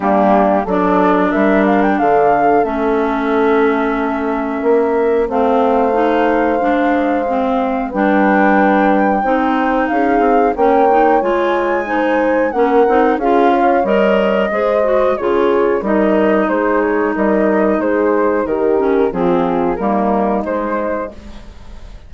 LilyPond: <<
  \new Staff \with { instrumentName = "flute" } { \time 4/4 \tempo 4 = 91 g'4 d''4 e''8 f''16 g''16 f''4 | e''1 | f''1 | g''2. f''4 |
g''4 gis''2 fis''4 | f''4 dis''2 cis''4 | dis''4 c''8 cis''8 dis''4 c''4 | ais'4 gis'4 ais'4 c''4 | }
  \new Staff \with { instrumentName = "horn" } { \time 4/4 d'4 a'4 ais'4 a'4~ | a'2. ais'4 | c''1 | b'2 c''4 gis'4 |
cis''2 c''4 ais'4 | gis'8 cis''4. c''4 gis'4 | ais'4 gis'4 ais'4 gis'4 | g'4 f'4 dis'2 | }
  \new Staff \with { instrumentName = "clarinet" } { \time 4/4 ais4 d'2. | cis'1 | c'4 dis'4 d'4 c'4 | d'2 dis'2 |
cis'8 dis'8 f'4 dis'4 cis'8 dis'8 | f'4 ais'4 gis'8 fis'8 f'4 | dis'1~ | dis'8 cis'8 c'4 ais4 gis4 | }
  \new Staff \with { instrumentName = "bassoon" } { \time 4/4 g4 fis4 g4 d4 | a2. ais4 | a2 gis2 | g2 c'4 cis'8 c'8 |
ais4 gis2 ais8 c'8 | cis'4 g4 gis4 cis4 | g4 gis4 g4 gis4 | dis4 f4 g4 gis4 | }
>>